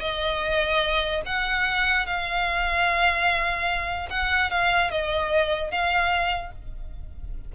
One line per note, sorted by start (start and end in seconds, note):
0.00 1.22 D#5
1.26 2.06 F#5
2.06 4.09 F5
4.10 4.50 F#5
4.50 4.90 F5
4.90 5.71 D#5
5.71 6.52 F5